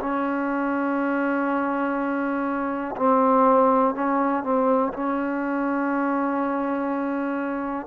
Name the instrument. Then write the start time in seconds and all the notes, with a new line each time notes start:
trombone
0.00 C#4
2.96 C4
3.94 C#4
4.43 C4
4.93 C#4